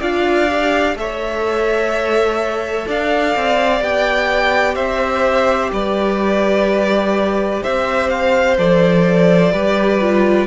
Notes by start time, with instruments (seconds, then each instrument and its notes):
0.00 cello D4, viola F4, violin D5 F5
0.50 viola G4
0.95 cello A3, viola A4, violin C#5 E5
2.87 cello D4, violin D5 F5
3.36 cello C4
3.80 cello B3, viola G4, violin G5
4.75 cello C4, violin C5 E5
5.72 cello G3, violin B4 D5
7.62 cello C4, violin C5 E5
8.10 violin F5
8.58 cello F3, viola A4, violin D5
9.52 cello G3, viola G4, violin B4
10.01 viola F4